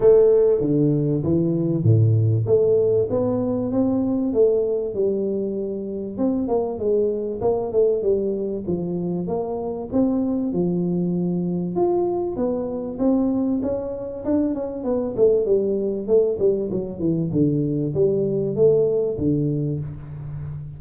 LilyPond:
\new Staff \with { instrumentName = "tuba" } { \time 4/4 \tempo 4 = 97 a4 d4 e4 a,4 | a4 b4 c'4 a4 | g2 c'8 ais8 gis4 | ais8 a8 g4 f4 ais4 |
c'4 f2 f'4 | b4 c'4 cis'4 d'8 cis'8 | b8 a8 g4 a8 g8 fis8 e8 | d4 g4 a4 d4 | }